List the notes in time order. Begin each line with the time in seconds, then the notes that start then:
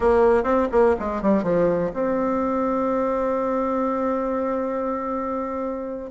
0.00 A#3
0.43 C4
0.71 A#3
0.99 G#3
1.22 G3
1.43 F3
1.93 C4